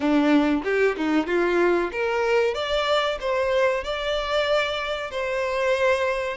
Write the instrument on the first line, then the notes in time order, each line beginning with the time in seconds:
violin
0.00 D4
0.64 G4
0.96 D#4
1.26 F4
1.91 A#4
2.54 D5
3.20 C5
3.84 D5
5.10 C5